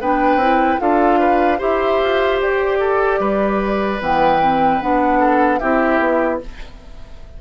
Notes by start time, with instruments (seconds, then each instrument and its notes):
0.00 bassoon B3, clarinet D4, oboe B4, flute G5
0.35 bassoon C4, clarinet E4
0.79 bassoon D4, clarinet F4, oboe A4, flute F5
1.19 oboe B4
1.58 bassoon E4, clarinet G4, oboe C5, flute E5
2.03 bassoon F4
2.40 bassoon G4, flute D5
2.79 oboe A4
3.19 bassoon G3, oboe B4
3.99 bassoon E3, clarinet B3, flute G5
4.41 clarinet C4
4.81 bassoon B3, clarinet D4, flute F#5
5.19 oboe A4
5.58 bassoon C4, clarinet E4, oboe G4, flute E5
5.99 bassoon B3